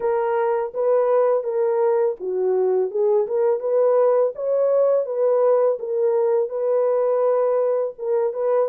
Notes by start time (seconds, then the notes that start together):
0.00 A#4
0.74 B4
1.43 A#4
2.19 F#4
2.90 G#4
3.27 A#4
3.60 B4
4.35 C#5
5.05 B4
5.79 A#4
6.49 B4
7.98 A#4
8.33 B4